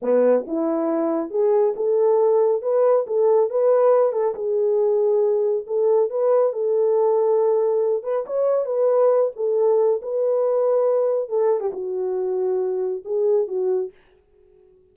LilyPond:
\new Staff \with { instrumentName = "horn" } { \time 4/4 \tempo 4 = 138 b4 e'2 gis'4 | a'2 b'4 a'4 | b'4. a'8 gis'2~ | gis'4 a'4 b'4 a'4~ |
a'2~ a'8 b'8 cis''4 | b'4. a'4. b'4~ | b'2 a'8. g'16 fis'4~ | fis'2 gis'4 fis'4 | }